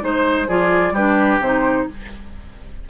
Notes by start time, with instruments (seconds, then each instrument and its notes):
0.00 bassoon G#3, clarinet D#4, oboe C5, flute C5
0.48 bassoon F3, clarinet F4, oboe G#4, flute D5
0.92 bassoon G3, clarinet D4, oboe G4, flute B4
1.40 bassoon C3, clarinet D#4, flute C5